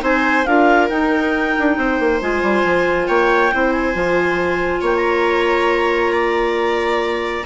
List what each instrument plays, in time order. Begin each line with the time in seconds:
0.00 bassoon C4, clarinet D#4 G#5, viola C5
0.45 bassoon D4, clarinet F4 F5, viola A#4
0.89 bassoon D#4, clarinet D#4 G5
1.59 bassoon D4
1.77 bassoon C4, viola C5
1.99 bassoon A#3
2.21 bassoon G#3, clarinet F4 G#5
2.42 bassoon G3
2.63 bassoon F3
3.07 bassoon A#3, viola C#5, clarinet G5
3.52 bassoon C4, clarinet E4, viola C5
3.72 clarinet G#5
3.93 bassoon F3, clarinet F4
4.81 bassoon A#3, viola C#5, clarinet G5
4.96 clarinet A#5
6.12 viola D5